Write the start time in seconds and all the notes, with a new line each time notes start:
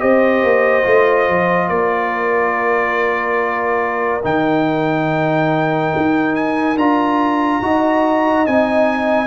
0.00 C4 G4 C5 D#5
0.44 A#3
0.84 A3 F4
1.29 F3
1.69 A#3 A#4 D5
4.24 D#3 D#4 G5
5.97 D#4
6.36 G#5
6.76 D4 F4 A#5
7.62 D#4 F#4 D#5
8.47 C4 D#4 G#5